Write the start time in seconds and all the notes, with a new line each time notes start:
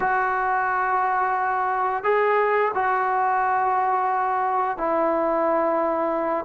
0.00 F#4
2.03 G#4
2.74 F#4
4.77 E4